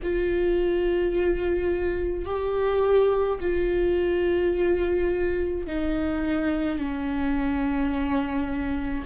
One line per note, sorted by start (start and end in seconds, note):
0.03 2.25 F4
2.25 3.38 G4
3.40 5.66 F4
5.66 6.78 D#4
6.78 9.05 C#4